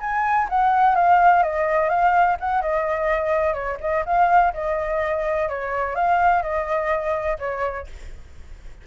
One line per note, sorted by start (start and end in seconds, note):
0.00 0.48 G#5
0.49 0.95 F#5
0.95 1.42 F5
1.42 1.89 D#5
1.89 2.37 F5
2.40 2.61 F#5
2.61 3.53 D#5
3.53 3.77 C#5
3.80 4.04 D#5
4.05 4.53 F5
4.53 5.48 D#5
5.48 5.95 C#5
5.95 6.42 F5
6.42 7.37 D#5
7.39 7.86 C#5